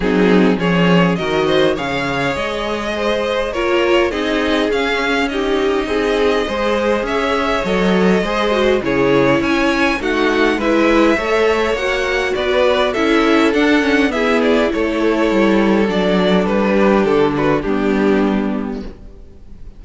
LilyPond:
<<
  \new Staff \with { instrumentName = "violin" } { \time 4/4 \tempo 4 = 102 gis'4 cis''4 dis''4 f''4 | dis''2 cis''4 dis''4 | f''4 dis''2. | e''4 dis''2 cis''4 |
gis''4 fis''4 e''2 | fis''4 d''4 e''4 fis''4 | e''8 d''8 cis''2 d''4 | b'4 a'8 b'8 g'2 | }
  \new Staff \with { instrumentName = "violin" } { \time 4/4 dis'4 gis'4 ais'8 c''8 cis''4~ | cis''4 c''4 ais'4 gis'4~ | gis'4 g'4 gis'4 c''4 | cis''2 c''4 gis'4 |
cis''4 fis'4 b'4 cis''4~ | cis''4 b'4 a'2 | gis'4 a'2.~ | a'8 g'4 fis'8 d'2 | }
  \new Staff \with { instrumentName = "viola" } { \time 4/4 c'4 cis'4 fis'4 gis'4~ | gis'2 f'4 dis'4 | cis'4 dis'2 gis'4~ | gis'4 a'4 gis'8 fis'8 e'4~ |
e'4 dis'4 e'4 a'4 | fis'2 e'4 d'8 cis'8 | b4 e'2 d'4~ | d'2 b2 | }
  \new Staff \with { instrumentName = "cello" } { \time 4/4 fis4 f4 dis4 cis4 | gis2 ais4 c'4 | cis'2 c'4 gis4 | cis'4 fis4 gis4 cis4 |
cis'4 a4 gis4 a4 | ais4 b4 cis'4 d'4 | e'4 a4 g4 fis4 | g4 d4 g2 | }
>>